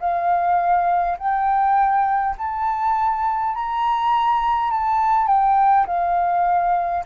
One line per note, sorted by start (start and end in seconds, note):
0.00 1.18 F5
1.18 2.36 G5
2.38 3.55 A5
3.55 4.71 A#5
4.71 5.27 A5
5.27 5.86 G5
5.87 7.05 F5